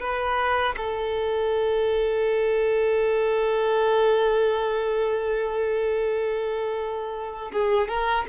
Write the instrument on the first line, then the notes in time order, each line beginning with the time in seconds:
violin
0.00 B4
0.77 A4
7.52 G#4
7.88 A#4